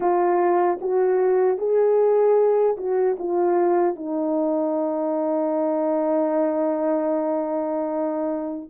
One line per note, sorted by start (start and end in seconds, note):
0.00 0.79 F4
0.81 1.58 F#4
1.58 2.76 G#4
2.77 3.16 F#4
3.18 3.95 F4
3.95 8.69 D#4